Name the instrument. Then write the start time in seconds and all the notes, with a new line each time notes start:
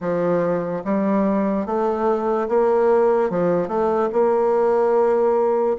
bassoon
0.00 F3
0.84 G3
1.66 A3
2.48 A#3
3.30 F3
3.68 A3
4.12 A#3